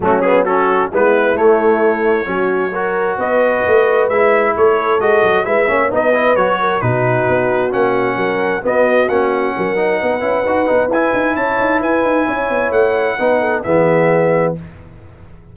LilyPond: <<
  \new Staff \with { instrumentName = "trumpet" } { \time 4/4 \tempo 4 = 132 fis'8 gis'8 a'4 b'4 cis''4~ | cis''2. dis''4~ | dis''4 e''4 cis''4 dis''4 | e''4 dis''4 cis''4 b'4~ |
b'4 fis''2 dis''4 | fis''1 | gis''4 a''4 gis''2 | fis''2 e''2 | }
  \new Staff \with { instrumentName = "horn" } { \time 4/4 cis'4 fis'4 e'2~ | e'4 fis'4 ais'4 b'4~ | b'2 a'2 | b'8 cis''8 b'4. ais'8 fis'4~ |
fis'2 ais'4 fis'4~ | fis'4 ais'4 b'2~ | b'4 cis''4 b'4 cis''4~ | cis''4 b'8 a'8 gis'2 | }
  \new Staff \with { instrumentName = "trombone" } { \time 4/4 a8 b8 cis'4 b4 a4~ | a4 cis'4 fis'2~ | fis'4 e'2 fis'4 | e'8 cis'8 dis'8 e'8 fis'4 dis'4~ |
dis'4 cis'2 b4 | cis'4. dis'4 e'8 fis'8 dis'8 | e'1~ | e'4 dis'4 b2 | }
  \new Staff \with { instrumentName = "tuba" } { \time 4/4 fis2 gis4 a4~ | a4 fis2 b4 | a4 gis4 a4 gis8 fis8 | gis8 ais8 b4 fis4 b,4 |
b4 ais4 fis4 b4 | ais4 fis4 b8 cis'8 dis'8 b8 | e'8 dis'8 cis'8 dis'8 e'8 dis'8 cis'8 b8 | a4 b4 e2 | }
>>